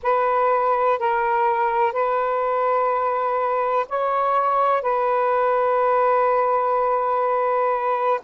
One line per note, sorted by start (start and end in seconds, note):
0.03 0.99 B4
0.99 1.92 A#4
1.92 3.85 B4
3.88 4.81 C#5
4.81 8.20 B4